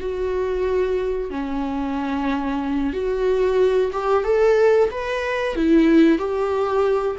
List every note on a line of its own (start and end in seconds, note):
0.00 1.30 F#4
1.30 2.93 C#4
2.93 3.91 F#4
3.92 4.24 G4
4.24 4.89 A4
4.91 5.55 B4
5.55 6.18 E4
6.18 7.16 G4